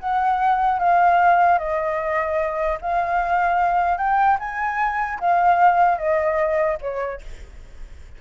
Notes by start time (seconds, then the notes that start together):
0.00 F#5
0.80 F5
1.59 D#5
2.82 F5
3.98 G5
4.40 G#5
5.20 F5
5.99 D#5
6.82 C#5